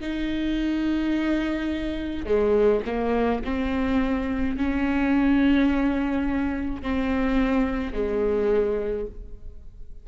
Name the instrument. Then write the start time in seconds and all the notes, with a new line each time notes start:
viola
0.00 D#4
2.25 G#3
2.86 A#3
3.44 C4
4.57 C#4
6.82 C4
7.93 G#3